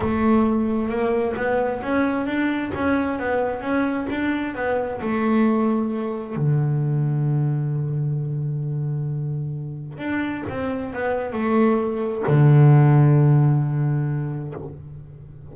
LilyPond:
\new Staff \with { instrumentName = "double bass" } { \time 4/4 \tempo 4 = 132 a2 ais4 b4 | cis'4 d'4 cis'4 b4 | cis'4 d'4 b4 a4~ | a2 d2~ |
d1~ | d2 d'4 c'4 | b4 a2 d4~ | d1 | }